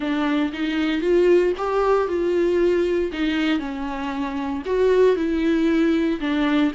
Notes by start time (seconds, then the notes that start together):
0.00 D4
0.52 D#4
1.01 F4
1.57 G4
2.07 F4
3.12 D#4
3.59 C#4
4.65 F#4
5.16 E4
6.20 D4